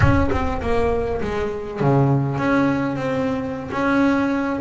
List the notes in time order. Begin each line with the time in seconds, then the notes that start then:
0.00 C#4
0.31 C4
0.61 A#3
1.21 G#3
1.80 C#3
2.38 C#4
2.96 C4
3.71 C#4